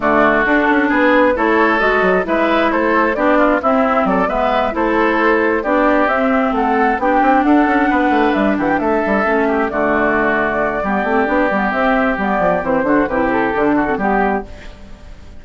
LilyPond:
<<
  \new Staff \with { instrumentName = "flute" } { \time 4/4 \tempo 4 = 133 d''4 a'4 b'4 cis''4 | dis''4 e''4 c''4 d''4 | e''4 d''8 e''4 c''4.~ | c''8 d''4 e''4 fis''4 g''8~ |
g''8 fis''2 e''8 fis''16 g''16 e''8~ | e''4. d''2~ d''8~ | d''2 e''4 d''4 | c''4 b'8 a'4. g'4 | }
  \new Staff \with { instrumentName = "oboe" } { \time 4/4 fis'2 gis'4 a'4~ | a'4 b'4 a'4 g'8 f'8 | e'4 a'8 b'4 a'4.~ | a'8 g'2 a'4 g'8~ |
g'8 a'4 b'4. g'8 a'8~ | a'4 g'8 fis'2~ fis'8 | g'1~ | g'8 fis'8 g'4. fis'8 g'4 | }
  \new Staff \with { instrumentName = "clarinet" } { \time 4/4 a4 d'2 e'4 | fis'4 e'2 d'4 | c'4. b4 e'4.~ | e'8 d'4 c'2 d'8~ |
d'1~ | d'8 cis'4 a2~ a8 | b8 c'8 d'8 b8 c'4 b4 | c'8 d'8 e'4 d'8. c'16 b4 | }
  \new Staff \with { instrumentName = "bassoon" } { \time 4/4 d4 d'8 cis'8 b4 a4 | gis8 fis8 gis4 a4 b4 | c'4 fis8 gis4 a4.~ | a8 b4 c'4 a4 b8 |
c'8 d'8 cis'8 b8 a8 g8 e8 a8 | g8 a4 d2~ d8 | g8 a8 b8 g8 c'4 g8 f8 | e8 d8 c4 d4 g4 | }
>>